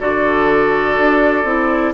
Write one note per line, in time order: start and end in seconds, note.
0.00 0.98 D3
0.00 1.45 F#4
0.00 1.94 A4
0.00 1.94 D5
0.99 1.45 D4
1.45 1.93 C4
1.45 1.94 E4